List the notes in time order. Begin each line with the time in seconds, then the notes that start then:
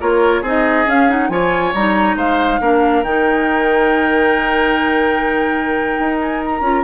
0.00 A#3 F4 A#4 C#5
0.42 C4 D#4 G#4 D#5
0.86 C#4 F5
1.08 D#4 F#5
1.29 F3 F4 C#5 G#5
1.74 G3 D#4 A#5
2.15 G#3 C5 F5
2.60 A#3 D4 A#4
3.03 D#3 D#4 G5
5.99 D#4
6.21 G#5
6.45 A#5
6.61 C#4 F4